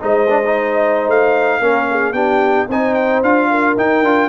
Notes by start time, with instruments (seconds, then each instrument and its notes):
0.00 tuba G#3, trombone D#4, horn C5, trumpet D#5
0.29 trombone D4
0.46 trombone D#4
1.08 tuba A3, trumpet F5
1.60 tuba A#3, trombone C#4, horn A#4
1.91 horn G#4
2.13 tuba B3, trombone D4, horn G4, trumpet G5
2.69 tuba C4, trombone D#4, horn C5, trumpet G#5
2.94 trumpet G5
3.23 tuba D4, trombone F4, trumpet F5
3.50 horn A#4
3.76 tuba D#4, trombone D#4, trumpet G5
4.03 tuba D4, trombone F4